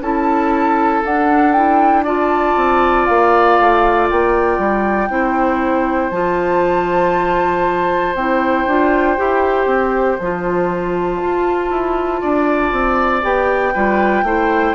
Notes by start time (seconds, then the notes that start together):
0.00 C#4 E4 A4 A5
1.04 D4 F#5
1.52 E4 G5
2.03 F4 D5 A5
2.56 C4
3.06 A#3 F5
3.59 A3
4.10 A#3 G5
4.58 G3
5.09 C4 E4 C5
6.10 F3 F4 A5
8.14 C4 E4 G5
8.66 D4 F4
9.17 E4 G4
9.66 C4
10.18 F3 F4 A5
11.21 F4
11.70 E4
12.21 D4 D5
12.72 C4
13.22 B3 G4 G5
13.73 G3 F4 B4
14.23 A3 E4 C5